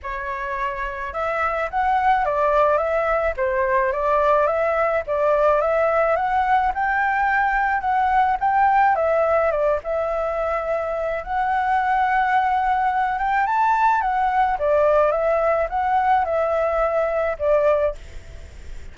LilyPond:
\new Staff \with { instrumentName = "flute" } { \time 4/4 \tempo 4 = 107 cis''2 e''4 fis''4 | d''4 e''4 c''4 d''4 | e''4 d''4 e''4 fis''4 | g''2 fis''4 g''4 |
e''4 d''8 e''2~ e''8 | fis''2.~ fis''8 g''8 | a''4 fis''4 d''4 e''4 | fis''4 e''2 d''4 | }